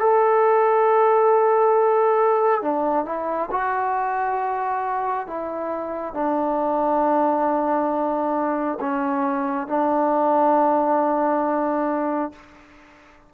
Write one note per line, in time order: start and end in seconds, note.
0.00 2.62 A4
2.62 3.06 D4
3.06 3.50 E4
3.51 5.27 F#4
5.27 6.14 E4
6.14 8.79 D4
8.81 9.68 C#4
9.68 12.32 D4